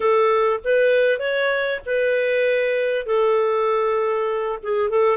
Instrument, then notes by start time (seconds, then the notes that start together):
clarinet
0.00 A4
0.64 B4
1.19 C#5
1.85 B4
3.06 A4
4.62 G#4
4.89 A4